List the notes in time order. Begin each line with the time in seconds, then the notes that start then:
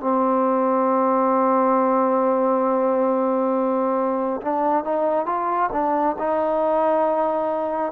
0.00 C4
4.42 D4
4.84 D#4
5.26 F4
5.72 D4
6.19 D#4